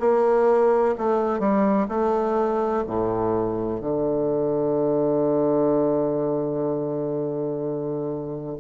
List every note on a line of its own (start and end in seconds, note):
0.00 0.95 A#3
0.98 1.40 A3
1.40 1.87 G3
1.89 2.84 A3
2.87 3.81 A2
3.81 8.57 D3